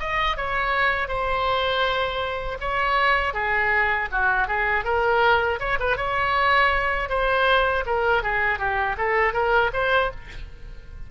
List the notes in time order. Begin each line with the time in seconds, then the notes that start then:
0.00 D#5
0.37 C#5
1.08 C5
2.61 C#5
3.34 G#4
4.12 F#4
4.48 G#4
4.85 A#4
5.60 C#5
5.80 B4
5.97 C#5
7.10 C5
7.86 A#4
8.23 G#4
8.59 G4
8.98 A4
9.34 A#4
9.74 C5